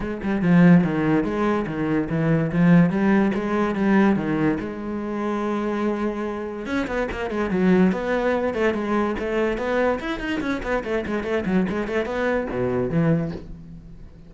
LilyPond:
\new Staff \with { instrumentName = "cello" } { \time 4/4 \tempo 4 = 144 gis8 g8 f4 dis4 gis4 | dis4 e4 f4 g4 | gis4 g4 dis4 gis4~ | gis1 |
cis'8 b8 ais8 gis8 fis4 b4~ | b8 a8 gis4 a4 b4 | e'8 dis'8 cis'8 b8 a8 gis8 a8 fis8 | gis8 a8 b4 b,4 e4 | }